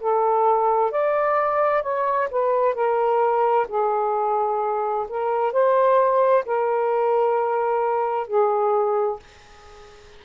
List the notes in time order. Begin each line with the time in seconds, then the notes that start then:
0.00 A4
0.91 D5
1.82 C#5
2.31 B4
2.74 A#4
3.68 G#4
5.09 A#4
5.52 C5
6.46 A#4
8.27 G#4